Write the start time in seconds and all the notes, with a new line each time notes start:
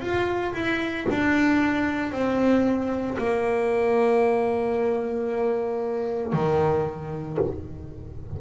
0.00 F4
0.53 E4
1.10 D4
2.12 C4
3.18 A#3
6.33 D#3